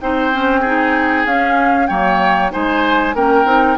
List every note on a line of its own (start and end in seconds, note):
0.00 1.25 C4
0.00 0.32 D#4
0.00 0.60 C5
0.00 1.26 G5
0.32 0.64 C#4
0.60 1.26 D#4
0.60 1.87 G#4
1.25 1.89 C#4
1.25 1.87 F5
1.87 2.52 F#3
1.87 2.51 A#3
1.87 2.52 C#5
1.87 2.50 G5
2.51 3.14 G#3
2.51 3.14 D#4
2.51 3.15 C5
2.51 3.15 G#5
3.14 3.44 A#3
3.14 3.45 C#4
3.14 3.77 A#4
3.14 3.77 G5
3.44 3.76 C4
3.44 3.77 D#4